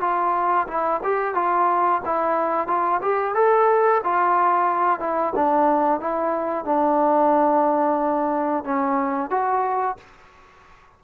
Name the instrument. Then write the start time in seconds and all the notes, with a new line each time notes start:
trombone
0.00 F4
0.67 E4
1.03 G4
1.34 F4
2.05 E4
2.67 F4
3.02 G4
3.34 A4
4.04 F4
4.99 E4
5.35 D4
6.00 E4
6.65 D4
8.64 C#4
9.30 F#4